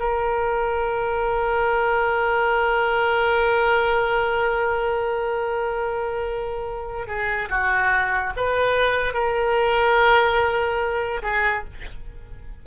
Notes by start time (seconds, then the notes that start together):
0.00 A#4
7.08 G#4
7.50 F#4
8.37 B4
9.14 A#4
11.23 G#4